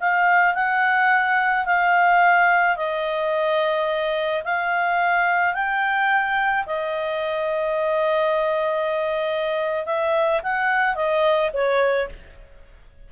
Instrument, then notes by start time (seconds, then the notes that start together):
clarinet
0.00 F5
0.55 F#5
1.66 F5
2.77 D#5
4.44 F5
5.54 G5
6.66 D#5
9.86 E5
10.43 F#5
10.95 D#5
11.54 C#5